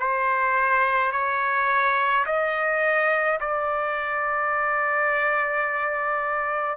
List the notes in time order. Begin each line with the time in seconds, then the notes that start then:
0.00 C5
1.12 C#5
2.26 D#5
3.41 D5